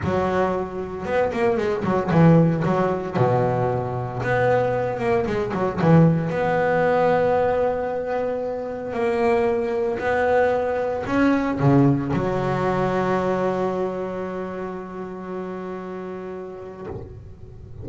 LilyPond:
\new Staff \with { instrumentName = "double bass" } { \time 4/4 \tempo 4 = 114 fis2 b8 ais8 gis8 fis8 | e4 fis4 b,2 | b4. ais8 gis8 fis8 e4 | b1~ |
b4 ais2 b4~ | b4 cis'4 cis4 fis4~ | fis1~ | fis1 | }